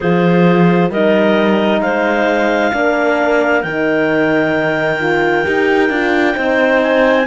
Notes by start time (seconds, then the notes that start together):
0.00 F3 F4 G#4 C5
0.89 G3 D#4 A#4 D#5
1.80 G#3 C5 F5
2.73 A#3 D4 A#4
3.62 D#3 D#4 G5
5.00 F4
5.44 D#4 G4
5.89 D4 F4
6.34 C4 D#4 C5
6.82 G#5